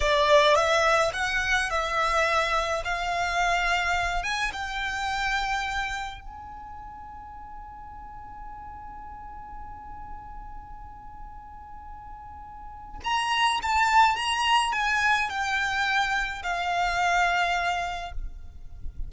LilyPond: \new Staff \with { instrumentName = "violin" } { \time 4/4 \tempo 4 = 106 d''4 e''4 fis''4 e''4~ | e''4 f''2~ f''8 gis''8 | g''2. gis''4~ | gis''1~ |
gis''1~ | gis''2. ais''4 | a''4 ais''4 gis''4 g''4~ | g''4 f''2. | }